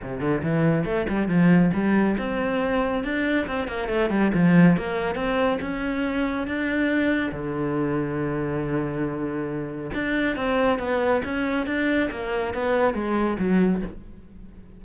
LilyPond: \new Staff \with { instrumentName = "cello" } { \time 4/4 \tempo 4 = 139 c8 d8 e4 a8 g8 f4 | g4 c'2 d'4 | c'8 ais8 a8 g8 f4 ais4 | c'4 cis'2 d'4~ |
d'4 d2.~ | d2. d'4 | c'4 b4 cis'4 d'4 | ais4 b4 gis4 fis4 | }